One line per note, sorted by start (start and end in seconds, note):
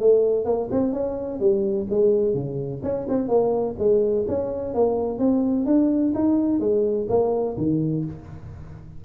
0.00 0.45 A3
0.45 0.69 A#3
0.71 0.93 C4
0.93 1.40 C#4
1.40 1.87 G3
1.90 2.34 G#3
2.34 2.82 C#3
2.83 3.06 C#4
3.09 3.28 C4
3.28 3.76 A#3
3.78 4.26 G#3
4.28 4.74 C#4
4.74 5.19 A#3
5.19 5.66 C4
5.66 6.13 D4
6.15 6.60 D#4
6.60 7.07 G#3
7.09 7.56 A#3
7.57 8.04 D#3